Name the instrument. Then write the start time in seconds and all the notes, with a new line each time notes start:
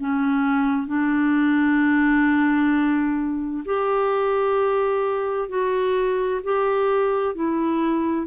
clarinet
0.00 C#4
0.87 D4
3.66 G4
5.49 F#4
6.44 G4
7.36 E4